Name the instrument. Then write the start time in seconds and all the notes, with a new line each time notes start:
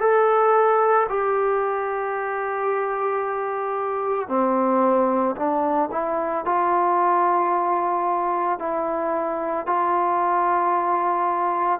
trombone
0.00 A4
1.10 G4
4.29 C4
5.36 D4
5.92 E4
6.45 F4
8.59 E4
9.66 F4